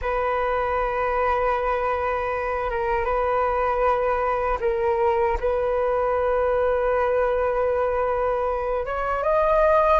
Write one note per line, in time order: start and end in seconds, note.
0.01 2.70 B4
2.70 3.04 A#4
3.04 4.58 B4
4.60 5.37 A#4
5.40 8.85 B4
8.85 9.23 C#5
9.23 10.00 D#5